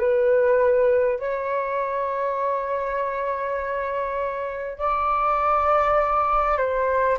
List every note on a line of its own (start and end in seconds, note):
0.00 1.19 B4
1.19 4.79 C#5
4.79 6.58 D5
6.58 7.18 C5